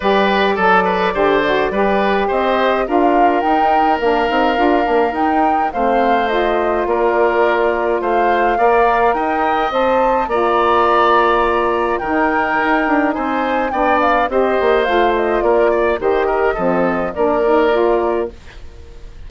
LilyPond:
<<
  \new Staff \with { instrumentName = "flute" } { \time 4/4 \tempo 4 = 105 d''1 | dis''4 f''4 g''4 f''4~ | f''4 g''4 f''4 dis''4 | d''2 f''2 |
g''4 a''4 ais''2~ | ais''4 g''2 gis''4 | g''8 f''8 dis''4 f''8 dis''8 d''4 | dis''2 d''2 | }
  \new Staff \with { instrumentName = "oboe" } { \time 4/4 b'4 a'8 b'8 c''4 b'4 | c''4 ais'2.~ | ais'2 c''2 | ais'2 c''4 d''4 |
dis''2 d''2~ | d''4 ais'2 c''4 | d''4 c''2 ais'8 d''8 | c''8 ais'8 a'4 ais'2 | }
  \new Staff \with { instrumentName = "saxophone" } { \time 4/4 g'4 a'4 g'8 fis'8 g'4~ | g'4 f'4 dis'4 d'8 dis'8 | f'8 d'8 dis'4 c'4 f'4~ | f'2. ais'4~ |
ais'4 c''4 f'2~ | f'4 dis'2. | d'4 g'4 f'2 | g'4 c'4 d'8 dis'8 f'4 | }
  \new Staff \with { instrumentName = "bassoon" } { \time 4/4 g4 fis4 d4 g4 | c'4 d'4 dis'4 ais8 c'8 | d'8 ais8 dis'4 a2 | ais2 a4 ais4 |
dis'4 c'4 ais2~ | ais4 dis4 dis'8 d'8 c'4 | b4 c'8 ais8 a4 ais4 | dis4 f4 ais2 | }
>>